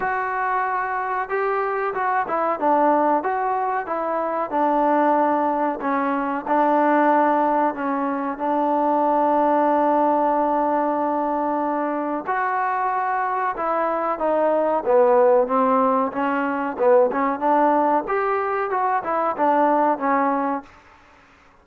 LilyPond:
\new Staff \with { instrumentName = "trombone" } { \time 4/4 \tempo 4 = 93 fis'2 g'4 fis'8 e'8 | d'4 fis'4 e'4 d'4~ | d'4 cis'4 d'2 | cis'4 d'2.~ |
d'2. fis'4~ | fis'4 e'4 dis'4 b4 | c'4 cis'4 b8 cis'8 d'4 | g'4 fis'8 e'8 d'4 cis'4 | }